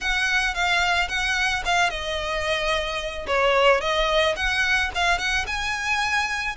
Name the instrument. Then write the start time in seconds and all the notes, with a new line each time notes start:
violin
0.00 F#5
0.54 F5
1.08 F#5
1.65 F5
1.90 D#5
3.26 C#5
3.80 D#5
4.36 F#5
4.94 F5
5.18 F#5
5.46 G#5